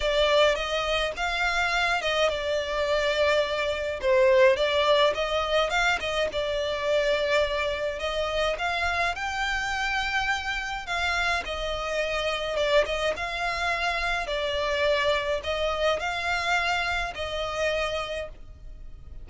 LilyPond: \new Staff \with { instrumentName = "violin" } { \time 4/4 \tempo 4 = 105 d''4 dis''4 f''4. dis''8 | d''2. c''4 | d''4 dis''4 f''8 dis''8 d''4~ | d''2 dis''4 f''4 |
g''2. f''4 | dis''2 d''8 dis''8 f''4~ | f''4 d''2 dis''4 | f''2 dis''2 | }